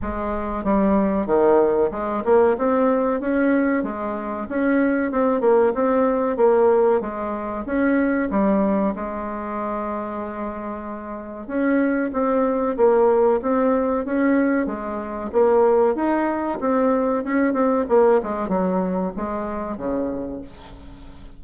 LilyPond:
\new Staff \with { instrumentName = "bassoon" } { \time 4/4 \tempo 4 = 94 gis4 g4 dis4 gis8 ais8 | c'4 cis'4 gis4 cis'4 | c'8 ais8 c'4 ais4 gis4 | cis'4 g4 gis2~ |
gis2 cis'4 c'4 | ais4 c'4 cis'4 gis4 | ais4 dis'4 c'4 cis'8 c'8 | ais8 gis8 fis4 gis4 cis4 | }